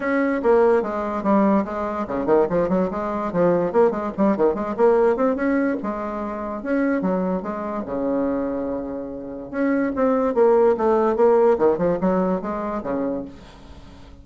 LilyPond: \new Staff \with { instrumentName = "bassoon" } { \time 4/4 \tempo 4 = 145 cis'4 ais4 gis4 g4 | gis4 cis8 dis8 f8 fis8 gis4 | f4 ais8 gis8 g8 dis8 gis8 ais8~ | ais8 c'8 cis'4 gis2 |
cis'4 fis4 gis4 cis4~ | cis2. cis'4 | c'4 ais4 a4 ais4 | dis8 f8 fis4 gis4 cis4 | }